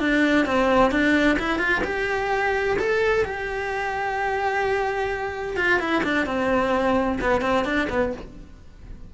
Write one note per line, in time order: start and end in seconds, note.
0.00 0.46 D4
0.46 0.92 C4
0.92 1.38 D4
1.39 1.59 E4
1.59 1.82 F4
1.85 2.78 G4
2.79 3.25 A4
3.25 5.57 G4
5.57 5.80 F4
5.80 6.03 E4
6.04 6.26 D4
6.26 7.19 C4
7.21 7.42 B3
7.42 7.65 C4
7.65 7.89 D4
7.90 8.13 B3